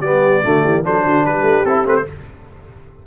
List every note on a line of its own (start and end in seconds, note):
0.00 0.41 G3
0.00 0.43 B3
0.00 0.44 G4
0.00 0.82 D5
0.43 0.64 D3
0.43 0.84 A3
0.43 0.63 F#4
0.63 0.85 E3
0.63 0.84 G4
0.84 1.06 F#3
0.84 1.65 D4
0.84 1.05 A4
0.84 1.26 C5
1.06 1.25 D3
1.06 1.25 F#4
1.25 1.42 G3
1.25 2.07 G4
1.25 1.65 B4
1.42 1.63 A3
1.65 1.85 C4
1.65 1.85 E4
1.65 1.86 A4
1.85 2.05 A3
1.85 2.05 C4
1.85 1.96 B4
1.96 2.06 C5